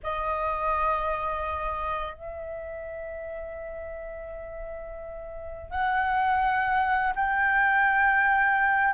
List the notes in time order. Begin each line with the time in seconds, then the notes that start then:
0.03 D#5
2.14 E5
5.70 F#5
7.15 G5